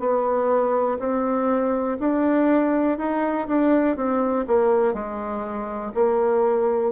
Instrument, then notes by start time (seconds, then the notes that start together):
bassoon
0.00 B3
0.99 C4
2.00 D4
2.98 D#4
3.48 D4
3.96 C4
4.48 A#3
4.94 G#3
5.95 A#3